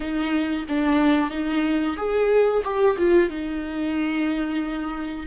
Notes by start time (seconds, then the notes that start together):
0.00 D#4
0.68 D4
1.30 D#4
1.96 G#4
2.64 G4
2.97 F4
3.29 D#4